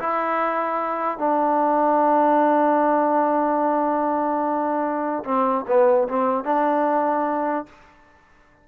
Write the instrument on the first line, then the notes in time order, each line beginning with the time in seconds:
trombone
0.00 E4
1.19 D4
5.25 C4
5.68 B3
6.08 C4
6.44 D4